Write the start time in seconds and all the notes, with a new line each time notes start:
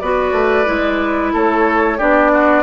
0.00 B3 F#4 B4 D5
0.32 A3
0.66 G#3 E4
1.33 A3 A4 C#5
1.98 B3 D4 G4 D5
2.33 F#4